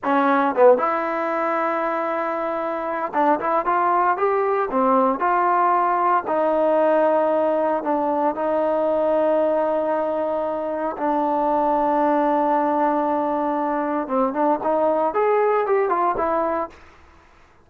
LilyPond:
\new Staff \with { instrumentName = "trombone" } { \time 4/4 \tempo 4 = 115 cis'4 b8 e'2~ e'8~ | e'2 d'8 e'8 f'4 | g'4 c'4 f'2 | dis'2. d'4 |
dis'1~ | dis'4 d'2.~ | d'2. c'8 d'8 | dis'4 gis'4 g'8 f'8 e'4 | }